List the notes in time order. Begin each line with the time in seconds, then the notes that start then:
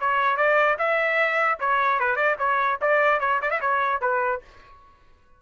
0.00 C#5
0.37 D5
0.78 E5
1.60 C#5
2.00 B4
2.16 D5
2.39 C#5
2.82 D5
3.20 C#5
3.42 D5
3.51 E5
3.61 C#5
4.02 B4